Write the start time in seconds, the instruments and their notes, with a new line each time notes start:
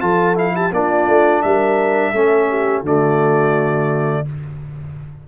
0.00 tuba F3, trombone F4, horn A4, trumpet A5
0.35 trombone E4, trumpet F5
0.55 horn G4, trumpet A5
0.72 tuba A#3, trombone D4, horn F4, trumpet D5
1.07 tuba A3
1.42 tuba G3, horn A#4, trumpet E5
2.11 tuba A3, trombone C#4, horn A4
2.49 horn G4
2.82 tuba D3, trombone A3, horn F#4, trumpet D5